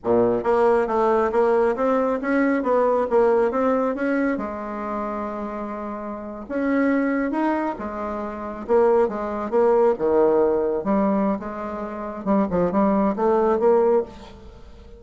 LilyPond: \new Staff \with { instrumentName = "bassoon" } { \time 4/4 \tempo 4 = 137 ais,4 ais4 a4 ais4 | c'4 cis'4 b4 ais4 | c'4 cis'4 gis2~ | gis2~ gis8. cis'4~ cis'16~ |
cis'8. dis'4 gis2 ais16~ | ais8. gis4 ais4 dis4~ dis16~ | dis8. g4~ g16 gis2 | g8 f8 g4 a4 ais4 | }